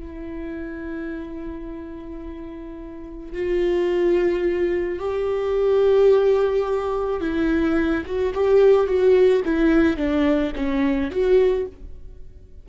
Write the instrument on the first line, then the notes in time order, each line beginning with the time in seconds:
viola
0.00 E4
3.33 F4
4.99 G4
7.21 E4
8.05 F#4
8.34 G4
8.87 F#4
9.45 E4
9.97 D4
10.56 C#4
11.11 F#4